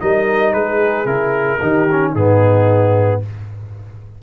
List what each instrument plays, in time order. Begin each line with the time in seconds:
0.00 tuba G3, trombone D#4, horn A#4, trumpet D#5
0.54 tuba G#3, horn G#4, trumpet B4
1.05 tuba C#3, trombone E4, trumpet A#4
1.61 tuba D#3, trombone D#4, horn G4
1.91 trombone C#4
2.12 tuba G#2, trombone B3, horn D#4, trumpet G#4